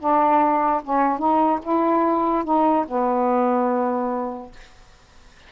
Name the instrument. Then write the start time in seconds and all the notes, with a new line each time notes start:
saxophone
0.00 D4
0.84 C#4
1.19 D#4
1.63 E4
2.45 D#4
2.88 B3